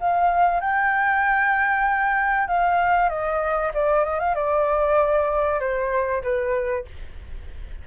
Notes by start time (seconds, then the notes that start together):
0.00 F5
0.60 G5
2.47 F5
3.09 D#5
3.74 D5
4.04 D#5
4.20 F5
4.35 D5
5.60 C5
6.23 B4